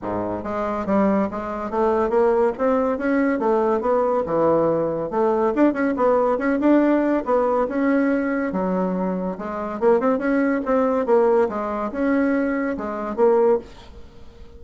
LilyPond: \new Staff \with { instrumentName = "bassoon" } { \time 4/4 \tempo 4 = 141 gis,4 gis4 g4 gis4 | a4 ais4 c'4 cis'4 | a4 b4 e2 | a4 d'8 cis'8 b4 cis'8 d'8~ |
d'4 b4 cis'2 | fis2 gis4 ais8 c'8 | cis'4 c'4 ais4 gis4 | cis'2 gis4 ais4 | }